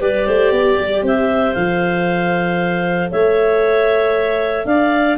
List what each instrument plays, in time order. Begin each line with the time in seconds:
0.00 tuba G3, viola G4, clarinet B4 D5
0.26 tuba A3, clarinet C5
0.51 tuba B3, clarinet D5
0.78 tuba G3
1.02 tuba C4, clarinet C5 E5
1.53 tuba F3, viola A4, clarinet F5
3.11 tuba A3, clarinet C#5 E5
4.65 tuba D4, clarinet D5 F5